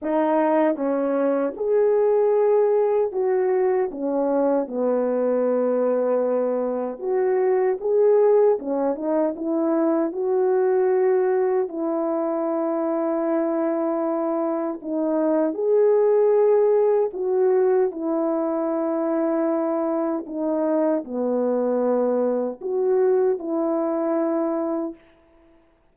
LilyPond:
\new Staff \with { instrumentName = "horn" } { \time 4/4 \tempo 4 = 77 dis'4 cis'4 gis'2 | fis'4 cis'4 b2~ | b4 fis'4 gis'4 cis'8 dis'8 | e'4 fis'2 e'4~ |
e'2. dis'4 | gis'2 fis'4 e'4~ | e'2 dis'4 b4~ | b4 fis'4 e'2 | }